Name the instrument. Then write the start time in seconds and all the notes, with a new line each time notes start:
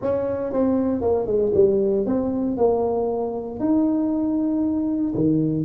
tuba
0.01 C#4
0.52 C4
1.01 A#3
1.26 G#3
1.54 G3
2.06 C4
2.57 A#3
3.59 D#4
5.14 D#3